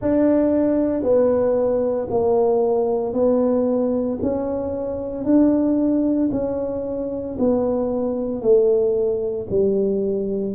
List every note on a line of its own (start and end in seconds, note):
0.01 1.02 D4
1.02 2.08 B3
2.10 3.13 A#3
3.13 4.18 B3
4.22 5.24 C#4
5.24 6.29 D4
6.31 7.36 C#4
7.38 8.41 B3
8.41 9.46 A3
9.50 10.54 G3